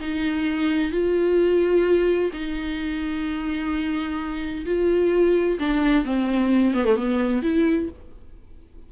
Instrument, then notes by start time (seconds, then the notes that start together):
viola
0.00 D#4
0.91 F4
2.33 D#4
4.65 F4
5.59 D4
6.05 C4
6.74 B3
6.85 A3
6.96 B3
7.42 E4